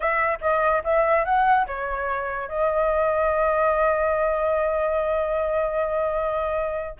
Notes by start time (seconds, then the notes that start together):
0.00 E5
0.41 D#5
0.84 E5
1.24 F#5
1.66 C#5
2.48 D#5